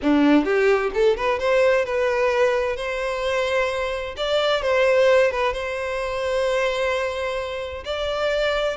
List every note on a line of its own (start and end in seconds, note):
0.01 0.44 D4
0.44 0.90 G4
0.94 1.16 A4
1.16 1.39 B4
1.39 1.85 C5
1.85 2.76 B4
2.76 4.15 C5
4.16 4.62 D5
4.62 5.31 C5
5.31 5.53 B4
5.53 7.84 C5
7.84 8.77 D5